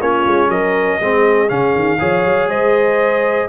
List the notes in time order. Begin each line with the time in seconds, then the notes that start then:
0.00 A#3 C#4 F4 C#5
0.26 G#3
0.48 F#3 A#4 D#5
1.00 G#3 C4 G#4
1.48 C#3 C#4 F5
1.75 D#3
1.99 F3 G#4 C#5
2.25 F#3
2.47 G#3 C5 D#5